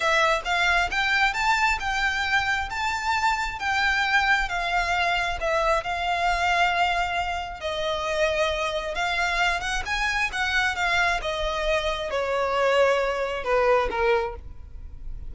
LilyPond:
\new Staff \with { instrumentName = "violin" } { \time 4/4 \tempo 4 = 134 e''4 f''4 g''4 a''4 | g''2 a''2 | g''2 f''2 | e''4 f''2.~ |
f''4 dis''2. | f''4. fis''8 gis''4 fis''4 | f''4 dis''2 cis''4~ | cis''2 b'4 ais'4 | }